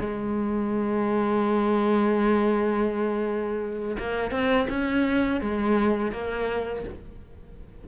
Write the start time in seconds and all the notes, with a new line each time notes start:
0.00 G#3
3.99 A#3
4.31 C4
4.69 C#4
5.42 G#3
6.12 A#3